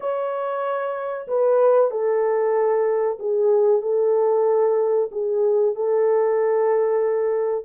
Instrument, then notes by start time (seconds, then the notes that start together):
horn
0.00 C#5
1.27 B4
1.90 A4
3.19 G#4
3.82 A4
5.11 G#4
5.75 A4